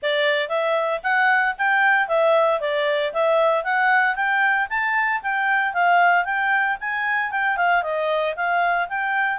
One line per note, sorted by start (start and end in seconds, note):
0.02 0.48 D5
0.48 1.01 E5
1.03 1.55 F#5
1.58 2.08 G5
2.08 2.60 E5
2.60 3.12 D5
3.13 3.64 E5
3.64 4.15 F#5
4.15 4.67 G5
4.69 5.21 A5
5.22 5.73 G5
5.73 6.24 F5
6.24 6.77 G5
6.80 7.31 G#5
7.31 7.56 G5
7.56 7.82 F5
7.82 8.35 D#5
8.35 8.88 F5
8.88 9.38 G5